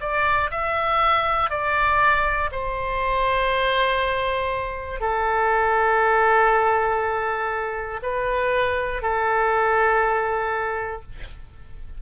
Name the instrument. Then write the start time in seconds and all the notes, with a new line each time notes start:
oboe
0.00 D5
0.50 E5
1.50 D5
2.51 C5
5.00 A4
8.02 B4
9.01 A4